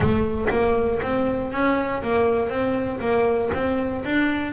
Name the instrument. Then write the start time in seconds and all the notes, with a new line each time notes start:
double bass
0.00 A3
0.50 A#3
1.02 C4
1.52 C#4
2.03 A#3
2.49 C4
3.00 A#3
3.53 C4
4.05 D4